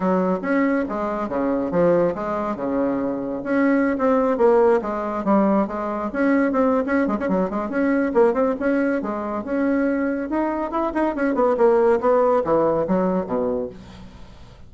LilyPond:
\new Staff \with { instrumentName = "bassoon" } { \time 4/4 \tempo 4 = 140 fis4 cis'4 gis4 cis4 | f4 gis4 cis2 | cis'4~ cis'16 c'4 ais4 gis8.~ | gis16 g4 gis4 cis'4 c'8. |
cis'8 gis16 cis'16 fis8 gis8 cis'4 ais8 c'8 | cis'4 gis4 cis'2 | dis'4 e'8 dis'8 cis'8 b8 ais4 | b4 e4 fis4 b,4 | }